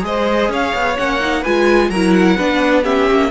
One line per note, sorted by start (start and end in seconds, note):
0.00 0.49 G#3
0.00 0.94 G#4
0.00 0.51 C5
0.00 0.52 D#5
0.49 0.72 C#4
0.49 1.41 C#5
0.49 0.97 F5
0.74 0.97 B3
0.97 1.45 A#3
0.97 1.20 C#4
0.97 1.44 F#5
1.20 1.43 D#4
1.41 1.89 G#3
1.41 1.91 F4
1.41 1.88 B4
1.41 1.90 G#5
1.89 2.36 F#3
1.89 2.38 E4
1.89 2.37 A#4
1.89 2.13 A#5
2.13 2.83 F#5
2.37 3.10 B3
2.37 2.83 D4
2.37 2.83 B4
2.83 3.30 C#4
2.83 3.30 G4
2.83 3.31 E5
3.10 3.31 A#3